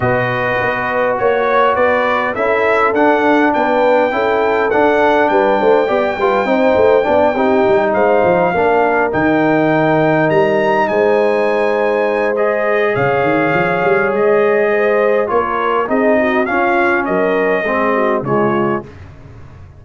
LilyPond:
<<
  \new Staff \with { instrumentName = "trumpet" } { \time 4/4 \tempo 4 = 102 dis''2 cis''4 d''4 | e''4 fis''4 g''2 | fis''4 g''2.~ | g''4. f''2 g''8~ |
g''4. ais''4 gis''4.~ | gis''4 dis''4 f''2 | dis''2 cis''4 dis''4 | f''4 dis''2 cis''4 | }
  \new Staff \with { instrumentName = "horn" } { \time 4/4 b'2 cis''4 b'4 | a'2 b'4 a'4~ | a'4 b'8 c''8 d''8 b'8 c''4 | d''8 g'4 c''4 ais'4.~ |
ais'2~ ais'8 c''4.~ | c''2 cis''2~ | cis''4 c''4 ais'4 gis'8 fis'8 | f'4 ais'4 gis'8 fis'8 f'4 | }
  \new Staff \with { instrumentName = "trombone" } { \time 4/4 fis'1 | e'4 d'2 e'4 | d'2 g'8 f'8 dis'4 | d'8 dis'2 d'4 dis'8~ |
dis'1~ | dis'4 gis'2.~ | gis'2 f'4 dis'4 | cis'2 c'4 gis4 | }
  \new Staff \with { instrumentName = "tuba" } { \time 4/4 b,4 b4 ais4 b4 | cis'4 d'4 b4 cis'4 | d'4 g8 a8 b8 g8 c'8 a8 | b8 c'8 g8 gis8 f8 ais4 dis8~ |
dis4. g4 gis4.~ | gis2 cis8 dis8 f8 g8 | gis2 ais4 c'4 | cis'4 fis4 gis4 cis4 | }
>>